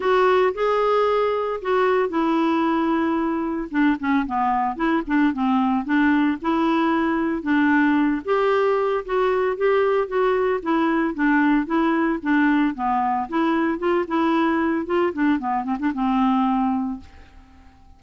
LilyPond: \new Staff \with { instrumentName = "clarinet" } { \time 4/4 \tempo 4 = 113 fis'4 gis'2 fis'4 | e'2. d'8 cis'8 | b4 e'8 d'8 c'4 d'4 | e'2 d'4. g'8~ |
g'4 fis'4 g'4 fis'4 | e'4 d'4 e'4 d'4 | b4 e'4 f'8 e'4. | f'8 d'8 b8 c'16 d'16 c'2 | }